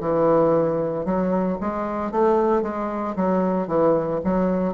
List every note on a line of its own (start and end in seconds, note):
0.00 1.05 E3
1.05 1.57 F#3
1.60 2.11 G#3
2.11 2.62 A3
2.62 3.14 G#3
3.15 3.67 F#3
3.67 4.20 E3
4.24 4.73 F#3